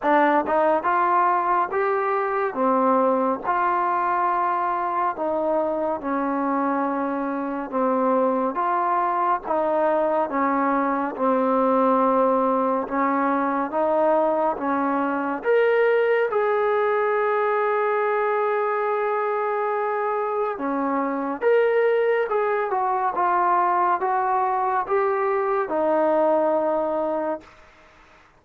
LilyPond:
\new Staff \with { instrumentName = "trombone" } { \time 4/4 \tempo 4 = 70 d'8 dis'8 f'4 g'4 c'4 | f'2 dis'4 cis'4~ | cis'4 c'4 f'4 dis'4 | cis'4 c'2 cis'4 |
dis'4 cis'4 ais'4 gis'4~ | gis'1 | cis'4 ais'4 gis'8 fis'8 f'4 | fis'4 g'4 dis'2 | }